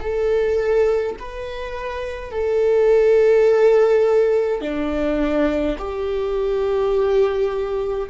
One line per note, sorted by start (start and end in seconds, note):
0.00 1.15 A4
1.19 2.31 B4
2.31 4.61 A4
4.61 5.76 D4
5.78 8.09 G4